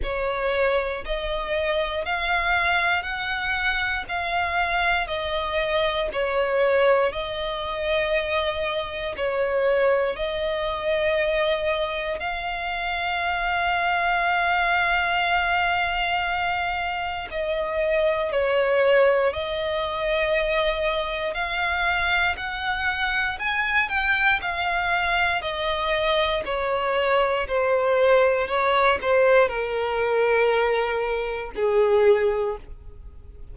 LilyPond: \new Staff \with { instrumentName = "violin" } { \time 4/4 \tempo 4 = 59 cis''4 dis''4 f''4 fis''4 | f''4 dis''4 cis''4 dis''4~ | dis''4 cis''4 dis''2 | f''1~ |
f''4 dis''4 cis''4 dis''4~ | dis''4 f''4 fis''4 gis''8 g''8 | f''4 dis''4 cis''4 c''4 | cis''8 c''8 ais'2 gis'4 | }